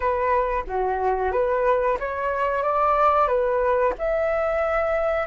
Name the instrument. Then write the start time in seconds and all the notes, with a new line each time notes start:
flute
0.00 B4
0.67 F#4
1.32 B4
1.99 C#5
2.63 D5
3.27 B4
3.98 E5